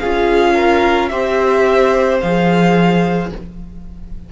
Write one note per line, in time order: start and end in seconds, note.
0.00 1.12 C#4
0.00 1.10 F4
0.00 0.55 G#4
0.00 1.09 F5
0.55 1.09 A#4
1.09 2.22 C4
1.09 2.20 G4
1.09 3.30 C5
1.09 2.18 E5
2.21 3.32 F3
2.21 3.32 G#4
2.21 3.30 F5